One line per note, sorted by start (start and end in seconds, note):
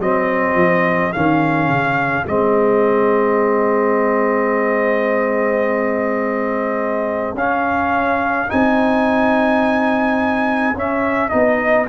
0.00 0.55 F#3
0.00 1.14 C4
0.00 11.89 G#4
0.00 1.13 D#5
0.55 1.11 F3
1.13 1.68 D#3
1.13 2.27 C#4
1.13 2.26 F5
1.68 2.25 C#3
2.27 7.34 G#3
2.27 7.37 C4
2.27 7.37 D#5
7.34 8.47 C#4
7.34 8.49 C#4
7.34 8.51 F5
8.49 10.75 C4
8.49 10.75 D#4
8.49 10.77 G#5
10.75 11.32 C#4
10.75 11.30 C#4
10.75 11.29 E5
11.29 11.89 B3
11.29 11.87 D#4
11.29 11.86 D#5